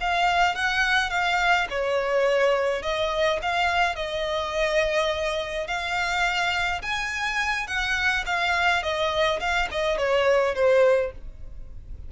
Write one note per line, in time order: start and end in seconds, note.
0.00 0.55 F5
0.55 1.10 F#5
1.10 1.67 F5
1.70 2.82 C#5
2.82 3.39 D#5
3.42 3.95 F5
3.95 5.67 D#5
5.67 6.81 F5
6.82 7.67 G#5
7.67 8.24 F#5
8.26 8.82 F5
8.82 9.39 D#5
9.40 9.68 F5
9.71 9.97 D#5
9.97 10.55 C#5
10.55 11.12 C5